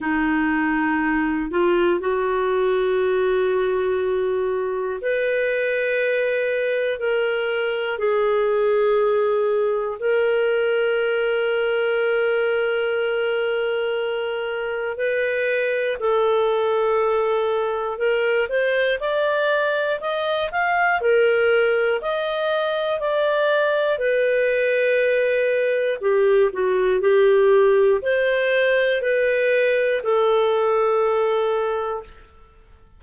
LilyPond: \new Staff \with { instrumentName = "clarinet" } { \time 4/4 \tempo 4 = 60 dis'4. f'8 fis'2~ | fis'4 b'2 ais'4 | gis'2 ais'2~ | ais'2. b'4 |
a'2 ais'8 c''8 d''4 | dis''8 f''8 ais'4 dis''4 d''4 | b'2 g'8 fis'8 g'4 | c''4 b'4 a'2 | }